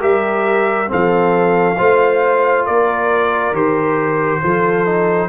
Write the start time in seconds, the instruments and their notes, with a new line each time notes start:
0.00 tuba G3, trombone G4, horn A#4, trumpet E5
0.87 tuba F3, trombone C4, horn A4, trumpet F5
1.77 tuba A3, trombone F4, horn C5
2.65 tuba A#3, horn A#4, trumpet D5
3.52 tuba D#3, trombone G4, trumpet C5
4.42 tuba F3, trombone F4, horn A4
4.85 trombone D#4